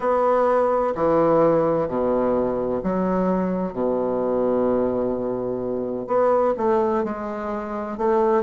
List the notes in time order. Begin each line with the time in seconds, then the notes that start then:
0.00 B3
0.95 E3
1.87 B2
2.83 F#3
3.72 B2
6.07 B3
6.57 A3
7.04 G#3
7.97 A3